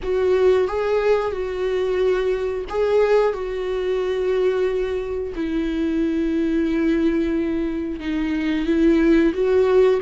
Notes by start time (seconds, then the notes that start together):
0.02 F#4
0.67 G#4
1.31 F#4
2.68 G#4
3.33 F#4
5.35 E4
8.00 D#4
8.66 E4
9.33 F#4